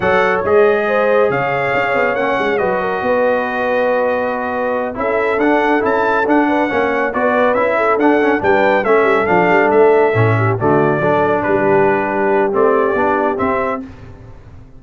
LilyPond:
<<
  \new Staff \with { instrumentName = "trumpet" } { \time 4/4 \tempo 4 = 139 fis''4 dis''2 f''4~ | f''4 fis''4 dis''2~ | dis''2.~ dis''8 e''8~ | e''8 fis''4 a''4 fis''4.~ |
fis''8 d''4 e''4 fis''4 g''8~ | g''8 e''4 f''4 e''4.~ | e''8 d''2 b'4.~ | b'4 d''2 e''4 | }
  \new Staff \with { instrumentName = "horn" } { \time 4/4 cis''2 c''4 cis''4~ | cis''2 b'8 ais'8 b'4~ | b'2.~ b'8 a'8~ | a'2. b'8 cis''8~ |
cis''8 b'4. a'4. b'8~ | b'8 a'2.~ a'8 | g'8 fis'4 a'4 g'4.~ | g'1 | }
  \new Staff \with { instrumentName = "trombone" } { \time 4/4 a'4 gis'2.~ | gis'4 cis'4 fis'2~ | fis'2.~ fis'8 e'8~ | e'8 d'4 e'4 d'4 cis'8~ |
cis'8 fis'4 e'4 d'8 cis'8 d'8~ | d'8 cis'4 d'2 cis'8~ | cis'8 a4 d'2~ d'8~ | d'4 c'4 d'4 c'4 | }
  \new Staff \with { instrumentName = "tuba" } { \time 4/4 fis4 gis2 cis4 | cis'8 b8 ais8 gis8 fis4 b4~ | b2.~ b8 cis'8~ | cis'8 d'4 cis'4 d'4 ais8~ |
ais8 b4 cis'4 d'4 g8~ | g8 a8 g8 f8 g8 a4 a,8~ | a,8 d4 fis4 g4.~ | g4 a4 b4 c'4 | }
>>